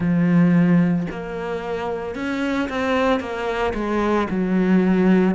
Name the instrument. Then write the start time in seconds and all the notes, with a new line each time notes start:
cello
0.00 F3
1.11 A#3
2.15 C#4
2.69 C4
3.19 A#3
3.74 G#3
4.30 F#3